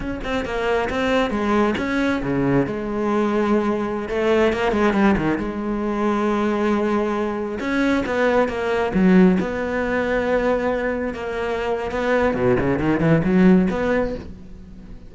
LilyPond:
\new Staff \with { instrumentName = "cello" } { \time 4/4 \tempo 4 = 136 cis'8 c'8 ais4 c'4 gis4 | cis'4 cis4 gis2~ | gis4~ gis16 a4 ais8 gis8 g8 dis16~ | dis16 gis2.~ gis8.~ |
gis4~ gis16 cis'4 b4 ais8.~ | ais16 fis4 b2~ b8.~ | b4~ b16 ais4.~ ais16 b4 | b,8 cis8 dis8 e8 fis4 b4 | }